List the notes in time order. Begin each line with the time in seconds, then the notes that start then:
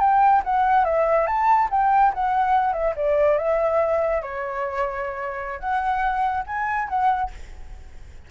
0.00 G5
0.44 F#5
0.85 E5
1.27 A5
1.71 G5
2.14 F#5
2.73 E5
2.96 D5
3.38 E5
4.22 C#5
5.59 F#5
6.46 G#5
6.89 F#5